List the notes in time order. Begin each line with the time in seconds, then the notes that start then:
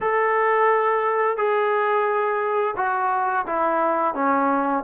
0.00 A4
1.37 G#4
2.76 F#4
3.46 E4
4.14 C#4